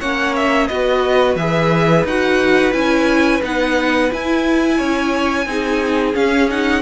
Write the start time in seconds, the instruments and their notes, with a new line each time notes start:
0.00 cello A#3, viola C#4, violin C#5 F#5
0.36 violin E5
0.68 cello B3, viola F#4, violin B4 D#5
1.36 cello E3, viola G#4, violin E5
2.05 cello D#4, viola F#4, violin F#5
2.73 cello C#4, viola E4, violin G#5
3.43 cello B3, viola D#4, violin F#5
4.11 viola E4, cello E4, violin G#5
4.78 cello C#4, violin C#5
5.46 cello C4, viola D#4, violin G#4
6.13 viola C#4, cello C#4, violin F5
6.50 viola D#4, violin F#5